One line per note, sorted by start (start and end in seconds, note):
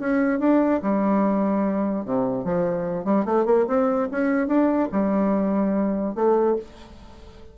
0.00 0.39 C#4
0.39 0.81 D4
0.82 2.05 G3
2.05 2.45 C3
2.45 3.05 F3
3.05 3.25 G3
3.25 3.46 A3
3.46 3.66 A#3
3.68 4.09 C4
4.11 4.48 C#4
4.48 4.89 D4
4.92 6.15 G3
6.15 6.56 A3